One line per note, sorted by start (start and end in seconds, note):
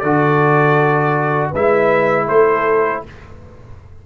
0.00 1.53 D3
0.00 1.55 F#4
0.00 1.51 A4
0.00 1.50 D5
1.51 2.28 G#3
1.51 3.06 E4
1.51 2.26 B4
1.51 2.28 E5
2.28 3.03 A3
2.28 3.04 A4
2.28 3.03 C5